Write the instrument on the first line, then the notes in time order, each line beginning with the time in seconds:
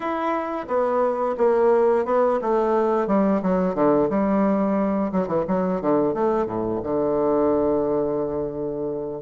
bassoon
0.00 E4
0.67 B3
1.37 A#3
2.05 B3
2.41 A3
3.07 G3
3.42 F#3
3.74 D3
4.09 G3
5.12 F#3
5.27 E3
5.47 F#3
5.81 D3
6.14 A3
6.46 A2
6.83 D3